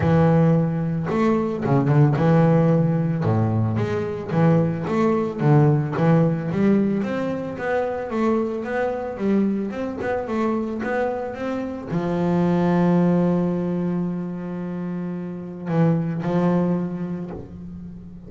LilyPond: \new Staff \with { instrumentName = "double bass" } { \time 4/4 \tempo 4 = 111 e2 a4 cis8 d8 | e2 a,4 gis4 | e4 a4 d4 e4 | g4 c'4 b4 a4 |
b4 g4 c'8 b8 a4 | b4 c'4 f2~ | f1~ | f4 e4 f2 | }